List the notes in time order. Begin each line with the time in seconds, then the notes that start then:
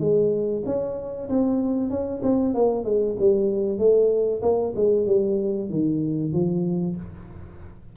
0.00 G#3
0.66 C#4
1.29 C4
1.90 C#4
2.23 C4
2.55 A#3
2.84 G#3
3.20 G3
3.78 A3
4.42 A#3
4.76 G#3
5.07 G3
5.70 D#3
6.33 F3